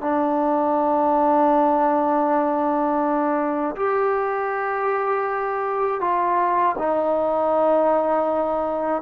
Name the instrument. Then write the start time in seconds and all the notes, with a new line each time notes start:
trombone
0.00 D4
3.76 G4
6.00 F4
6.78 D#4